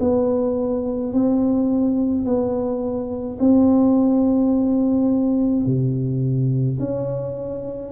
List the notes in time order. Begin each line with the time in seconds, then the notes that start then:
0.00 B3
1.13 C4
2.25 B3
3.40 C4
5.66 C3
6.80 C#4